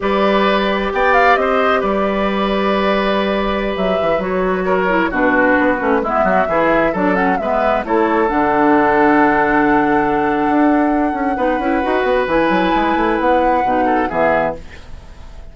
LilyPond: <<
  \new Staff \with { instrumentName = "flute" } { \time 4/4 \tempo 4 = 132 d''2 g''8 f''8 dis''4 | d''1~ | d''16 e''4 cis''2 b'8.~ | b'4~ b'16 e''2 d''8 fis''16~ |
fis''16 e''4 cis''4 fis''4.~ fis''16~ | fis''1~ | fis''2. gis''4~ | gis''4 fis''2 e''4 | }
  \new Staff \with { instrumentName = "oboe" } { \time 4/4 b'2 d''4 c''4 | b'1~ | b'2~ b'16 ais'4 fis'8.~ | fis'4~ fis'16 e'8 fis'8 gis'4 a'8.~ |
a'16 b'4 a'2~ a'8.~ | a'1~ | a'4 b'2.~ | b'2~ b'8 a'8 gis'4 | }
  \new Staff \with { instrumentName = "clarinet" } { \time 4/4 g'1~ | g'1~ | g'4~ g'16 fis'4. e'8 d'8.~ | d'8. cis'8 b4 e'4 d'8 cis'16~ |
cis'16 b4 e'4 d'4.~ d'16~ | d'1~ | d'4 dis'8 e'8 fis'4 e'4~ | e'2 dis'4 b4 | }
  \new Staff \with { instrumentName = "bassoon" } { \time 4/4 g2 b4 c'4 | g1~ | g16 fis8 e8 fis2 b,8.~ | b,16 b8 a8 gis8 fis8 e4 fis8.~ |
fis16 gis4 a4 d4.~ d16~ | d2. d'4~ | d'8 cis'8 b8 cis'8 dis'8 b8 e8 fis8 | gis8 a8 b4 b,4 e4 | }
>>